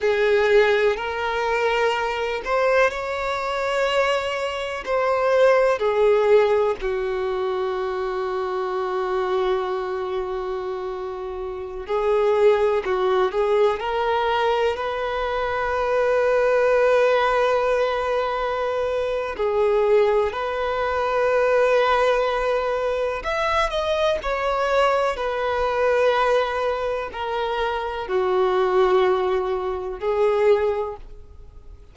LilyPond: \new Staff \with { instrumentName = "violin" } { \time 4/4 \tempo 4 = 62 gis'4 ais'4. c''8 cis''4~ | cis''4 c''4 gis'4 fis'4~ | fis'1~ | fis'16 gis'4 fis'8 gis'8 ais'4 b'8.~ |
b'1 | gis'4 b'2. | e''8 dis''8 cis''4 b'2 | ais'4 fis'2 gis'4 | }